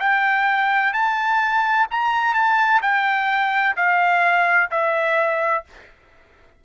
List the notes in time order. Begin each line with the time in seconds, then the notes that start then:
0.00 G5
0.94 A5
1.91 A#5
2.34 A5
2.83 G5
3.77 F5
4.71 E5